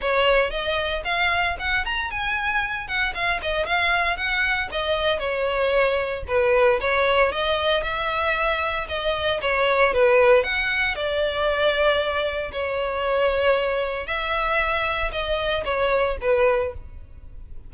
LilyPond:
\new Staff \with { instrumentName = "violin" } { \time 4/4 \tempo 4 = 115 cis''4 dis''4 f''4 fis''8 ais''8 | gis''4. fis''8 f''8 dis''8 f''4 | fis''4 dis''4 cis''2 | b'4 cis''4 dis''4 e''4~ |
e''4 dis''4 cis''4 b'4 | fis''4 d''2. | cis''2. e''4~ | e''4 dis''4 cis''4 b'4 | }